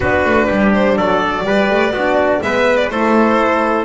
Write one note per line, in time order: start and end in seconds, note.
0.00 0.24 B3
0.00 1.43 D4
0.00 0.47 F#4
0.00 0.72 B4
0.24 0.48 A3
0.47 0.96 G3
0.47 0.95 G4
0.73 0.97 C5
0.96 1.44 F#3
0.96 1.45 A4
0.96 2.42 D5
1.43 1.69 G3
1.43 1.91 G4
1.43 1.93 B4
1.69 1.91 A3
1.91 2.39 B3
1.91 2.41 F#4
1.97 2.42 D4
2.41 2.89 G#3
2.41 2.91 B3
2.41 2.91 B4
2.41 2.77 E5
2.77 2.89 D5
2.89 3.85 A3
2.89 3.85 E4
2.89 3.85 A4
2.89 3.85 C5